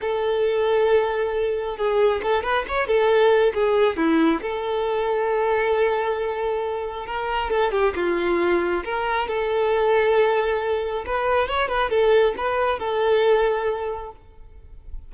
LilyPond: \new Staff \with { instrumentName = "violin" } { \time 4/4 \tempo 4 = 136 a'1 | gis'4 a'8 b'8 cis''8 a'4. | gis'4 e'4 a'2~ | a'1 |
ais'4 a'8 g'8 f'2 | ais'4 a'2.~ | a'4 b'4 cis''8 b'8 a'4 | b'4 a'2. | }